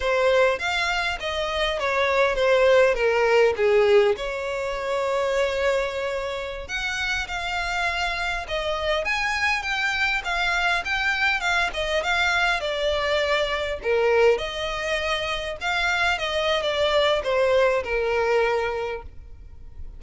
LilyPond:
\new Staff \with { instrumentName = "violin" } { \time 4/4 \tempo 4 = 101 c''4 f''4 dis''4 cis''4 | c''4 ais'4 gis'4 cis''4~ | cis''2.~ cis''16 fis''8.~ | fis''16 f''2 dis''4 gis''8.~ |
gis''16 g''4 f''4 g''4 f''8 dis''16~ | dis''16 f''4 d''2 ais'8.~ | ais'16 dis''2 f''4 dis''8. | d''4 c''4 ais'2 | }